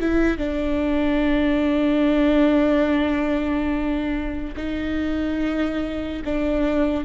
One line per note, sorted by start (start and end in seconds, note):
0.00 0.38 E4
0.38 4.55 D4
4.56 6.23 D#4
6.25 7.05 D4